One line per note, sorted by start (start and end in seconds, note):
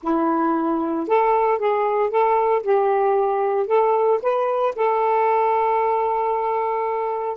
0.02 1.07 E4
1.07 1.58 A4
1.58 2.10 G#4
2.10 2.62 A4
2.62 3.67 G4
3.67 4.19 A4
4.22 4.75 B4
4.75 7.37 A4